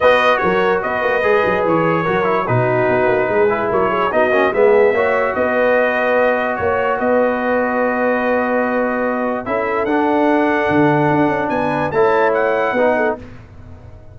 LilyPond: <<
  \new Staff \with { instrumentName = "trumpet" } { \time 4/4 \tempo 4 = 146 dis''4 cis''4 dis''2 | cis''2 b'2~ | b'4 cis''4 dis''4 e''4~ | e''4 dis''2. |
cis''4 dis''2.~ | dis''2. e''4 | fis''1 | gis''4 a''4 fis''2 | }
  \new Staff \with { instrumentName = "horn" } { \time 4/4 b'4 ais'4 b'2~ | b'4 ais'4 fis'2 | gis'4 ais'8 gis'8 fis'4 gis'4 | cis''4 b'2. |
cis''4 b'2.~ | b'2. a'4~ | a'1 | b'4 cis''2 b'8 a'8 | }
  \new Staff \with { instrumentName = "trombone" } { \time 4/4 fis'2. gis'4~ | gis'4 fis'8 e'8 dis'2~ | dis'8 e'4. dis'8 cis'8 b4 | fis'1~ |
fis'1~ | fis'2. e'4 | d'1~ | d'4 e'2 dis'4 | }
  \new Staff \with { instrumentName = "tuba" } { \time 4/4 b4 fis4 b8 ais8 gis8 fis8 | e4 fis4 b,4 b8 ais8 | gis4 fis4 b8 ais8 gis4 | ais4 b2. |
ais4 b2.~ | b2. cis'4 | d'2 d4 d'8 cis'8 | b4 a2 b4 | }
>>